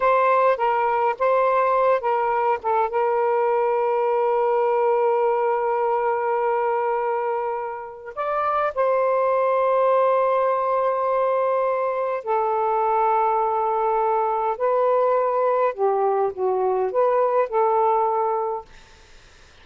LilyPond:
\new Staff \with { instrumentName = "saxophone" } { \time 4/4 \tempo 4 = 103 c''4 ais'4 c''4. ais'8~ | ais'8 a'8 ais'2.~ | ais'1~ | ais'2 d''4 c''4~ |
c''1~ | c''4 a'2.~ | a'4 b'2 g'4 | fis'4 b'4 a'2 | }